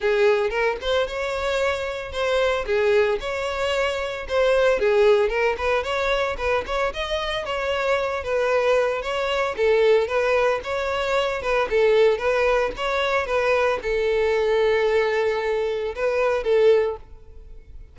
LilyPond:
\new Staff \with { instrumentName = "violin" } { \time 4/4 \tempo 4 = 113 gis'4 ais'8 c''8 cis''2 | c''4 gis'4 cis''2 | c''4 gis'4 ais'8 b'8 cis''4 | b'8 cis''8 dis''4 cis''4. b'8~ |
b'4 cis''4 a'4 b'4 | cis''4. b'8 a'4 b'4 | cis''4 b'4 a'2~ | a'2 b'4 a'4 | }